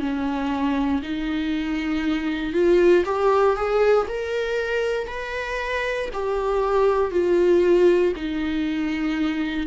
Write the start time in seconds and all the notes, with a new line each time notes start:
0.00 C#4
1.03 D#4
2.54 F4
3.06 G4
3.56 G#4
4.09 A#4
5.08 B4
6.13 G4
7.12 F4
8.16 D#4